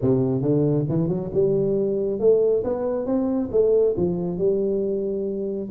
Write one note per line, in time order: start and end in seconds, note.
0.01 0.41 C3
0.41 0.85 D3
0.88 1.08 E3
1.08 1.30 F#3
1.33 2.19 G3
2.19 2.63 A3
2.64 3.06 B3
3.06 3.49 C4
3.51 3.95 A3
3.96 4.38 F3
4.38 5.69 G3